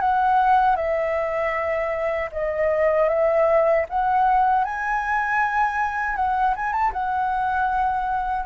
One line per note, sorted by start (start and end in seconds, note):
0.00 0.76 F#5
0.76 2.29 E5
2.32 3.08 D#5
3.08 3.85 E5
3.89 4.64 F#5
4.64 6.16 G#5
6.16 6.54 F#5
6.56 6.72 G#5
6.72 6.92 A5
6.92 8.45 F#5